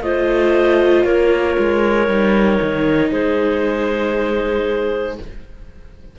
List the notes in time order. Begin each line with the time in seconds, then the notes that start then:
0.00 A3 F4 C5 D#5
1.03 A#3 A#4 C#5
1.58 G#3
2.07 G3 D#4
2.61 D#3
3.11 G#3 G#4 C5